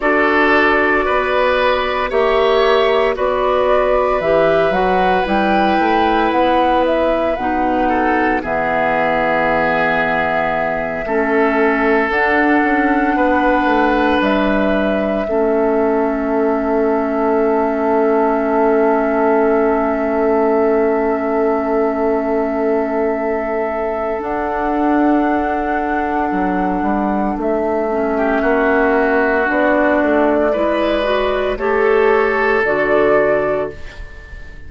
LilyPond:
<<
  \new Staff \with { instrumentName = "flute" } { \time 4/4 \tempo 4 = 57 d''2 e''4 d''4 | e''8 fis''8 g''4 fis''8 e''8 fis''4 | e''2.~ e''8 fis''8~ | fis''4. e''2~ e''8~ |
e''1~ | e''2. fis''4~ | fis''2 e''2 | d''2 cis''4 d''4 | }
  \new Staff \with { instrumentName = "oboe" } { \time 4/4 a'4 b'4 cis''4 b'4~ | b'2.~ b'8 a'8 | gis'2~ gis'8 a'4.~ | a'8 b'2 a'4.~ |
a'1~ | a'1~ | a'2~ a'8. g'16 fis'4~ | fis'4 b'4 a'2 | }
  \new Staff \with { instrumentName = "clarinet" } { \time 4/4 fis'2 g'4 fis'4 | g'8 fis'8 e'2 dis'4 | b2~ b8 cis'4 d'8~ | d'2~ d'8 cis'4.~ |
cis'1~ | cis'2. d'4~ | d'2~ d'8 cis'4. | d'4 e'8 fis'8 g'4 fis'4 | }
  \new Staff \with { instrumentName = "bassoon" } { \time 4/4 d'4 b4 ais4 b4 | e8 fis8 g8 a8 b4 b,4 | e2~ e8 a4 d'8 | cis'8 b8 a8 g4 a4.~ |
a1~ | a2. d'4~ | d'4 fis8 g8 a4 ais4 | b8 a8 gis4 a4 d4 | }
>>